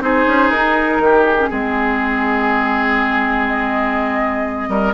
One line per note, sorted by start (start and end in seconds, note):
0.00 0.25 C4
0.00 1.35 D#4
0.00 1.02 G#4
0.00 0.50 C5
0.27 0.49 C#4
0.49 0.98 D#4
0.49 1.24 A#4
0.99 1.48 D#3
0.99 1.49 G4
1.24 3.46 G#4
1.37 1.50 C#4
1.49 4.68 G#3
1.49 4.94 C4
1.49 4.69 G#4
3.47 4.94 D#5
4.68 4.93 G3
4.68 4.94 A#4